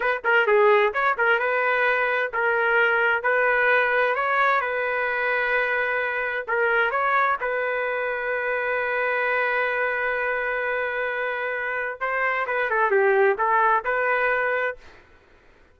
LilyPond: \new Staff \with { instrumentName = "trumpet" } { \time 4/4 \tempo 4 = 130 b'8 ais'8 gis'4 cis''8 ais'8 b'4~ | b'4 ais'2 b'4~ | b'4 cis''4 b'2~ | b'2 ais'4 cis''4 |
b'1~ | b'1~ | b'2 c''4 b'8 a'8 | g'4 a'4 b'2 | }